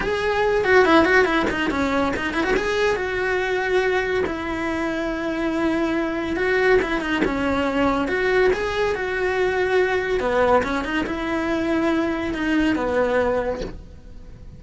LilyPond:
\new Staff \with { instrumentName = "cello" } { \time 4/4 \tempo 4 = 141 gis'4. fis'8 e'8 fis'8 e'8 dis'8 | cis'4 dis'8 e'16 fis'16 gis'4 fis'4~ | fis'2 e'2~ | e'2. fis'4 |
e'8 dis'8 cis'2 fis'4 | gis'4 fis'2. | b4 cis'8 dis'8 e'2~ | e'4 dis'4 b2 | }